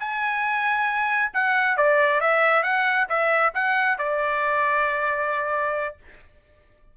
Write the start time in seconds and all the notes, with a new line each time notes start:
0.00 G#5
1.34 F#5
1.78 D5
2.21 E5
2.64 F#5
3.09 E5
3.55 F#5
3.99 D5